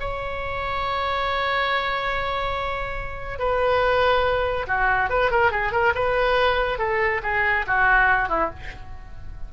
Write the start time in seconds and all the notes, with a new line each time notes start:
0.00 C#5
3.39 B4
4.67 F#4
5.10 B4
5.31 A#4
5.51 G#4
5.72 A#4
5.95 B4
6.79 A4
7.23 G#4
7.67 F#4
8.29 E4